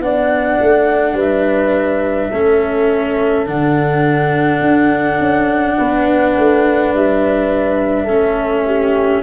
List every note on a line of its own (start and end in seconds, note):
0.00 0.58 B3
0.00 2.32 D4
0.00 1.16 D5
0.00 1.17 F#5
0.62 1.13 A3
1.13 2.29 G3
1.13 2.31 B4
1.19 3.47 E5
2.31 3.47 A3
2.31 3.46 C#4
2.31 5.77 A4
3.46 4.61 D3
3.46 8.08 D4
3.46 6.94 F#5
4.61 5.19 D4
5.19 5.77 C#4
5.78 6.37 B3
5.78 8.05 B4
6.38 6.94 A3
6.94 8.09 G3
6.94 9.23 E5
8.05 9.23 A3
8.05 9.23 C#4
8.05 8.62 A4
8.66 9.23 G4